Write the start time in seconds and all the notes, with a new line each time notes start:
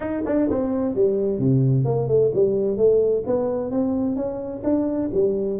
0.00 D#4
0.26 D4
0.50 C4
0.95 G3
1.38 C3
1.85 A#3
2.08 A3
2.33 G3
2.77 A3
3.26 B3
3.70 C4
4.15 C#4
4.63 D4
5.13 G3